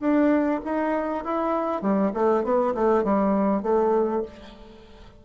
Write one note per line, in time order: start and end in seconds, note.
0.00 0.60 D4
0.64 1.24 D#4
1.24 1.81 E4
1.81 2.11 G3
2.14 2.44 A3
2.44 2.74 B3
2.74 3.04 A3
3.04 3.62 G3
3.62 4.22 A3